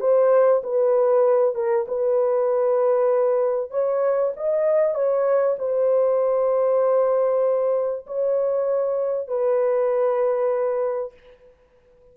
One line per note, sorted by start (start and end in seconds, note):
0.00 0.62 C5
0.63 1.55 B4
1.55 1.86 A#4
1.88 3.71 B4
3.71 4.33 C#5
4.37 4.95 D#5
4.95 5.56 C#5
5.59 8.06 C5
8.06 9.28 C#5
9.28 11.13 B4